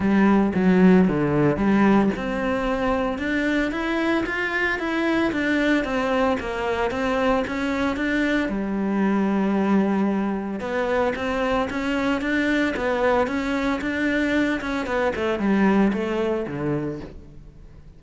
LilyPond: \new Staff \with { instrumentName = "cello" } { \time 4/4 \tempo 4 = 113 g4 fis4 d4 g4 | c'2 d'4 e'4 | f'4 e'4 d'4 c'4 | ais4 c'4 cis'4 d'4 |
g1 | b4 c'4 cis'4 d'4 | b4 cis'4 d'4. cis'8 | b8 a8 g4 a4 d4 | }